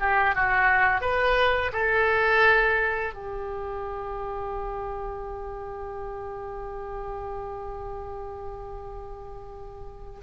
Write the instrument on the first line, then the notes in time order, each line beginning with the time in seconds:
oboe
0.00 G4
0.35 F#4
1.01 B4
1.73 A4
3.14 G4